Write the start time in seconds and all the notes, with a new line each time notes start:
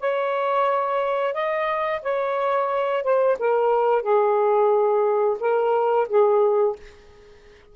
0.00 C#5
1.34 D#5
2.02 C#5
3.03 C5
3.39 A#4
4.02 G#4
5.40 A#4
6.09 G#4